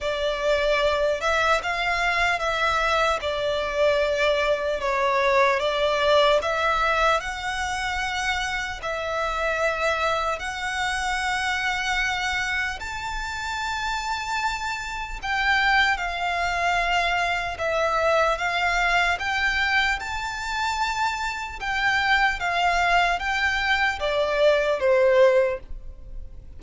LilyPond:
\new Staff \with { instrumentName = "violin" } { \time 4/4 \tempo 4 = 75 d''4. e''8 f''4 e''4 | d''2 cis''4 d''4 | e''4 fis''2 e''4~ | e''4 fis''2. |
a''2. g''4 | f''2 e''4 f''4 | g''4 a''2 g''4 | f''4 g''4 d''4 c''4 | }